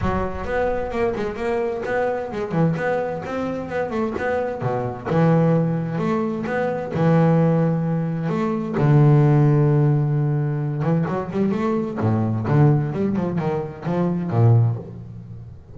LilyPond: \new Staff \with { instrumentName = "double bass" } { \time 4/4 \tempo 4 = 130 fis4 b4 ais8 gis8 ais4 | b4 gis8 e8 b4 c'4 | b8 a8 b4 b,4 e4~ | e4 a4 b4 e4~ |
e2 a4 d4~ | d2.~ d8 e8 | fis8 g8 a4 a,4 d4 | g8 f8 dis4 f4 ais,4 | }